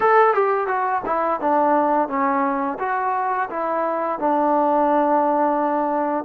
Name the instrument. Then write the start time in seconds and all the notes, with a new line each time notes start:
trombone
0.00 A4
0.33 G4
0.67 F#4
1.05 E4
1.40 D4
2.08 C#4
2.79 F#4
3.49 E4
4.19 D4